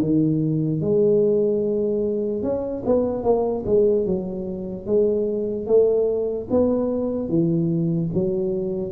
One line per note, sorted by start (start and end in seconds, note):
0.00 0.81 D#3
0.81 2.42 G#3
2.42 2.83 C#4
2.85 3.23 B3
3.23 3.64 A#3
3.66 4.05 G#3
4.05 4.86 F#3
4.86 5.66 G#3
5.66 6.48 A3
6.50 7.28 B3
7.28 8.09 E3
8.13 8.92 F#3